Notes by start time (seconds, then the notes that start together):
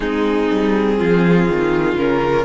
0.00 G#3 C4 D#4 G#4
0.50 G3
0.97 F3 F4
1.48 D#3
1.95 C#3 C#4 A#4